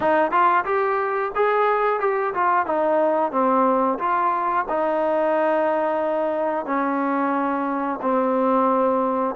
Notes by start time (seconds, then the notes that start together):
0.00 D#4
0.31 F4
0.65 G4
1.35 G#4
2.00 G4
2.34 F4
2.66 D#4
3.32 C4
3.98 F4
4.68 D#4
6.65 C#4
8.02 C4